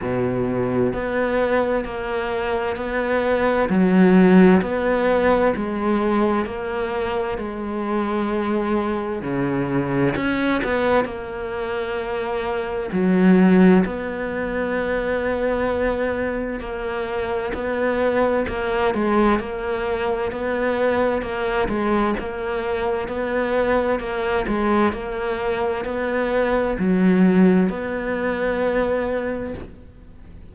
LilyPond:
\new Staff \with { instrumentName = "cello" } { \time 4/4 \tempo 4 = 65 b,4 b4 ais4 b4 | fis4 b4 gis4 ais4 | gis2 cis4 cis'8 b8 | ais2 fis4 b4~ |
b2 ais4 b4 | ais8 gis8 ais4 b4 ais8 gis8 | ais4 b4 ais8 gis8 ais4 | b4 fis4 b2 | }